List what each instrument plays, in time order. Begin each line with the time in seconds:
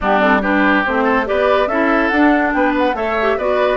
0.01 bassoon G3, clarinet B3, oboe D4, flute G4
0.19 clarinet C4, flute A4
0.41 clarinet D4, oboe G4, flute B4
0.85 bassoon A3, clarinet C4, flute C5
1.03 oboe A4
1.25 bassoon B3, clarinet G4, oboe B4, flute D5
1.67 bassoon C#4, clarinet E4, oboe A4, flute E5
2.08 bassoon D4, clarinet D4, flute F#5
2.53 bassoon B3, oboe B4, flute G5
2.78 flute F#5
2.93 bassoon A3, clarinet A4, oboe C#5, flute E5
3.21 clarinet G4
3.37 bassoon B3, clarinet F#4, oboe B4, flute D5